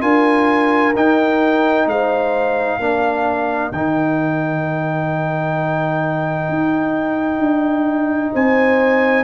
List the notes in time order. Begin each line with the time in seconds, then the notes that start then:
0.00 D4 F4 A#4 G#5
0.95 D#4 G5
1.86 G#3 C5 F5
2.79 A#3 D4 A#4
3.71 D#3 D#4 G5
6.48 D#4
7.38 D4
8.33 C4 C5 G#5